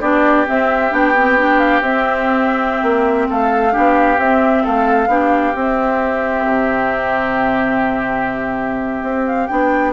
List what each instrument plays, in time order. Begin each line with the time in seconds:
0.00 bassoon B3, clarinet D4, oboe G4, flute D5
0.46 clarinet C4, bassoon C4, flute E5
0.91 bassoon B3, clarinet D4, flute G5
1.16 clarinet C4
1.37 clarinet D4
1.59 flute F5
1.81 bassoon C4, clarinet C4, flute E5
2.82 bassoon A#3
3.29 bassoon A3, oboe A4, flute F5
3.71 bassoon B3, clarinet D4, oboe G4
4.17 bassoon C4, clarinet C4, flute E5
4.63 bassoon A3, oboe A4, flute F5
5.07 bassoon B3, clarinet D4, oboe G4
5.55 bassoon C4, clarinet C4, flute E5
6.45 bassoon C3
9.02 bassoon C4
9.26 flute F5
9.47 bassoon B3, clarinet D4, flute G5